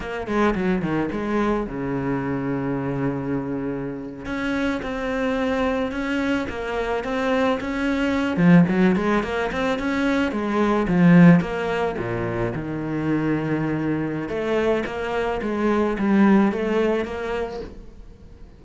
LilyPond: \new Staff \with { instrumentName = "cello" } { \time 4/4 \tempo 4 = 109 ais8 gis8 fis8 dis8 gis4 cis4~ | cis2.~ cis8. cis'16~ | cis'8. c'2 cis'4 ais16~ | ais8. c'4 cis'4. f8 fis16~ |
fis16 gis8 ais8 c'8 cis'4 gis4 f16~ | f8. ais4 ais,4 dis4~ dis16~ | dis2 a4 ais4 | gis4 g4 a4 ais4 | }